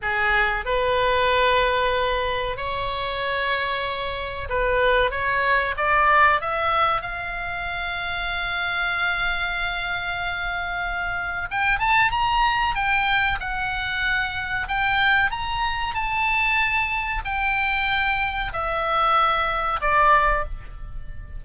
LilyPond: \new Staff \with { instrumentName = "oboe" } { \time 4/4 \tempo 4 = 94 gis'4 b'2. | cis''2. b'4 | cis''4 d''4 e''4 f''4~ | f''1~ |
f''2 g''8 a''8 ais''4 | g''4 fis''2 g''4 | ais''4 a''2 g''4~ | g''4 e''2 d''4 | }